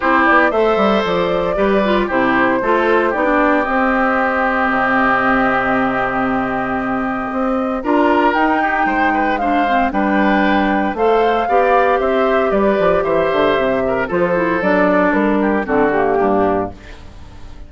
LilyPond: <<
  \new Staff \with { instrumentName = "flute" } { \time 4/4 \tempo 4 = 115 c''8 d''8 e''4 d''2 | c''2 d''4 dis''4~ | dis''1~ | dis''2. ais''4 |
g''2 f''4 g''4~ | g''4 f''2 e''4 | d''4 e''2 c''4 | d''4 ais'4 a'8 g'4. | }
  \new Staff \with { instrumentName = "oboe" } { \time 4/4 g'4 c''2 b'4 | g'4 a'4 g'2~ | g'1~ | g'2. ais'4~ |
ais'8 g'8 c''8 b'8 c''4 b'4~ | b'4 c''4 d''4 c''4 | b'4 c''4. ais'8 a'4~ | a'4. g'8 fis'4 d'4 | }
  \new Staff \with { instrumentName = "clarinet" } { \time 4/4 e'4 a'2 g'8 f'8 | e'4 f'4 dis'16 d'8. c'4~ | c'1~ | c'2. f'4 |
dis'2 d'8 c'8 d'4~ | d'4 a'4 g'2~ | g'2. f'8 e'8 | d'2 c'8 ais4. | }
  \new Staff \with { instrumentName = "bassoon" } { \time 4/4 c'8 b8 a8 g8 f4 g4 | c4 a4 b4 c'4~ | c'4 c2.~ | c2 c'4 d'4 |
dis'4 gis2 g4~ | g4 a4 b4 c'4 | g8 f8 e8 d8 c4 f4 | fis4 g4 d4 g,4 | }
>>